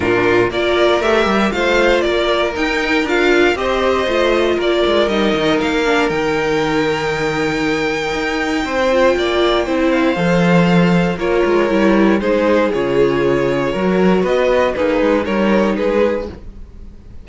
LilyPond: <<
  \new Staff \with { instrumentName = "violin" } { \time 4/4 \tempo 4 = 118 ais'4 d''4 e''4 f''4 | d''4 g''4 f''4 dis''4~ | dis''4 d''4 dis''4 f''4 | g''1~ |
g''2.~ g''8 f''8~ | f''2 cis''2 | c''4 cis''2. | dis''4 b'4 cis''4 b'4 | }
  \new Staff \with { instrumentName = "violin" } { \time 4/4 f'4 ais'2 c''4 | ais'2. c''4~ | c''4 ais'2.~ | ais'1~ |
ais'4 c''4 d''4 c''4~ | c''2 ais'2 | gis'2. ais'4 | b'4 dis'4 ais'4 gis'4 | }
  \new Staff \with { instrumentName = "viola" } { \time 4/4 d'4 f'4 g'4 f'4~ | f'4 dis'4 f'4 g'4 | f'2 dis'4. d'8 | dis'1~ |
dis'4. f'4. e'4 | a'2 f'4 e'4 | dis'4 f'2 fis'4~ | fis'4 gis'4 dis'2 | }
  \new Staff \with { instrumentName = "cello" } { \time 4/4 ais,4 ais4 a8 g8 a4 | ais4 dis'4 d'4 c'4 | a4 ais8 gis8 g8 dis8 ais4 | dis1 |
dis'4 c'4 ais4 c'4 | f2 ais8 gis8 g4 | gis4 cis2 fis4 | b4 ais8 gis8 g4 gis4 | }
>>